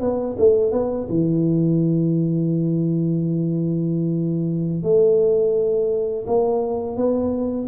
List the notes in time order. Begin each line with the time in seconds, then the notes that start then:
0.00 B3
0.38 A3
0.71 B3
1.08 E3
4.82 A3
6.26 A#3
6.96 B3